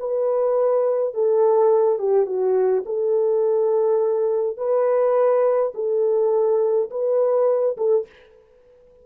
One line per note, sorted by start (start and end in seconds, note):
0.00 1.14 B4
1.14 1.99 A4
1.99 2.27 G4
2.27 2.84 F#4
2.86 4.58 A4
4.58 5.73 B4
5.75 6.90 A4
6.91 7.77 B4
7.78 8.07 A4